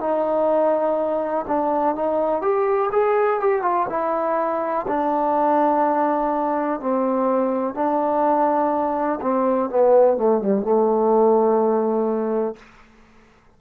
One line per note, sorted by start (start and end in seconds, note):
0.00 1.45 D#4
1.47 1.95 D4
1.95 2.41 D#4
2.41 2.90 G4
2.92 3.40 G#4
3.40 3.62 G4
3.62 3.86 F4
3.89 4.86 E4
4.87 6.80 D4
6.80 7.74 C4
7.74 9.19 D4
9.21 9.69 C4
9.69 10.17 B3
10.17 10.41 A3
10.41 10.62 G3
10.62 12.55 A3